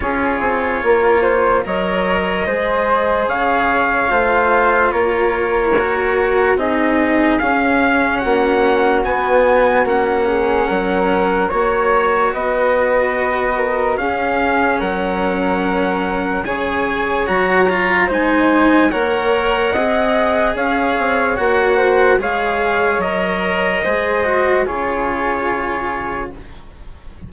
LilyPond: <<
  \new Staff \with { instrumentName = "trumpet" } { \time 4/4 \tempo 4 = 73 cis''2 dis''2 | f''2 cis''2 | dis''4 f''4 fis''4 gis''4 | fis''2 cis''4 dis''4~ |
dis''4 f''4 fis''2 | gis''4 ais''4 gis''4 fis''4~ | fis''4 f''4 fis''4 f''4 | dis''2 cis''2 | }
  \new Staff \with { instrumentName = "flute" } { \time 4/4 gis'4 ais'8 c''8 cis''4 c''4 | cis''4 c''4 ais'2 | gis'2 fis'2~ | fis'8 gis'8 ais'4 cis''4 b'4~ |
b'8 ais'8 gis'4 ais'2 | cis''2 c''4 cis''4 | dis''4 cis''4. c''8 cis''4~ | cis''4 c''4 gis'2 | }
  \new Staff \with { instrumentName = "cello" } { \time 4/4 f'2 ais'4 gis'4~ | gis'4 f'2 fis'4 | dis'4 cis'2 b4 | cis'2 fis'2~ |
fis'4 cis'2. | gis'4 fis'8 f'8 dis'4 ais'4 | gis'2 fis'4 gis'4 | ais'4 gis'8 fis'8 f'2 | }
  \new Staff \with { instrumentName = "bassoon" } { \time 4/4 cis'8 c'8 ais4 fis4 gis4 | cis4 a4 ais2 | c'4 cis'4 ais4 b4 | ais4 fis4 ais4 b4~ |
b4 cis'4 fis2 | cis4 fis4 gis4 ais4 | c'4 cis'8 c'8 ais4 gis4 | fis4 gis4 cis2 | }
>>